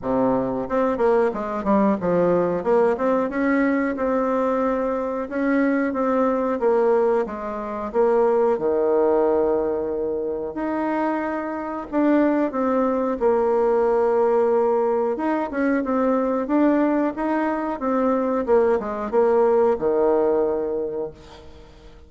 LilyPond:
\new Staff \with { instrumentName = "bassoon" } { \time 4/4 \tempo 4 = 91 c4 c'8 ais8 gis8 g8 f4 | ais8 c'8 cis'4 c'2 | cis'4 c'4 ais4 gis4 | ais4 dis2. |
dis'2 d'4 c'4 | ais2. dis'8 cis'8 | c'4 d'4 dis'4 c'4 | ais8 gis8 ais4 dis2 | }